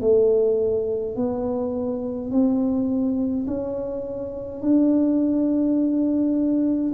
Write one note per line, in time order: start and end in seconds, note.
0.00 1.15 A3
1.15 2.31 B3
2.31 3.46 C4
3.47 4.62 C#4
4.62 6.92 D4